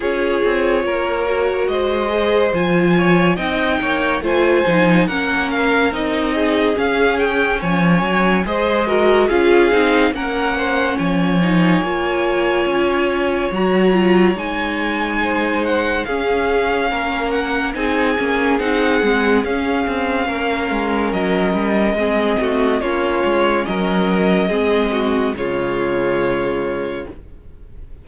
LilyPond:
<<
  \new Staff \with { instrumentName = "violin" } { \time 4/4 \tempo 4 = 71 cis''2 dis''4 gis''4 | g''4 gis''4 fis''8 f''8 dis''4 | f''8 g''8 gis''4 dis''4 f''4 | fis''4 gis''2. |
ais''4 gis''4. fis''8 f''4~ | f''8 fis''8 gis''4 fis''4 f''4~ | f''4 dis''2 cis''4 | dis''2 cis''2 | }
  \new Staff \with { instrumentName = "violin" } { \time 4/4 gis'4 ais'4 c''4. cis''8 | dis''8 cis''8 c''4 ais'4. gis'8~ | gis'4 cis''4 c''8 ais'8 gis'4 | ais'8 c''8 cis''2.~ |
cis''2 c''4 gis'4 | ais'4 gis'2. | ais'2 gis'8 fis'8 f'4 | ais'4 gis'8 fis'8 f'2 | }
  \new Staff \with { instrumentName = "viola" } { \time 4/4 f'4. fis'4 gis'8 f'4 | dis'4 f'8 dis'8 cis'4 dis'4 | cis'2 gis'8 fis'8 f'8 dis'8 | cis'4. dis'8 f'2 |
fis'8 f'8 dis'2 cis'4~ | cis'4 dis'8 cis'8 dis'8 c'8 cis'4~ | cis'2 c'4 cis'4~ | cis'4 c'4 gis2 | }
  \new Staff \with { instrumentName = "cello" } { \time 4/4 cis'8 c'8 ais4 gis4 f4 | c'8 ais8 a8 f8 ais4 c'4 | cis'4 f8 fis8 gis4 cis'8 c'8 | ais4 f4 ais4 cis'4 |
fis4 gis2 cis'4 | ais4 c'8 ais8 c'8 gis8 cis'8 c'8 | ais8 gis8 fis8 g8 gis8 a8 ais8 gis8 | fis4 gis4 cis2 | }
>>